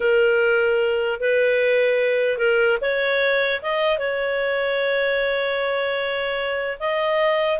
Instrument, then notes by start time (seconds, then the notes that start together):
clarinet
0.00 A#4
1.20 B4
2.37 A#4
2.81 C#5
3.61 D#5
3.98 C#5
6.79 D#5